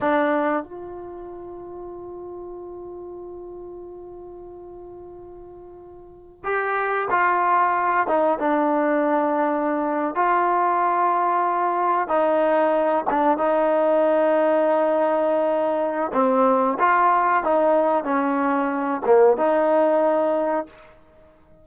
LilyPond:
\new Staff \with { instrumentName = "trombone" } { \time 4/4 \tempo 4 = 93 d'4 f'2.~ | f'1~ | f'2 g'4 f'4~ | f'8 dis'8 d'2~ d'8. f'16~ |
f'2~ f'8. dis'4~ dis'16~ | dis'16 d'8 dis'2.~ dis'16~ | dis'4 c'4 f'4 dis'4 | cis'4. ais8 dis'2 | }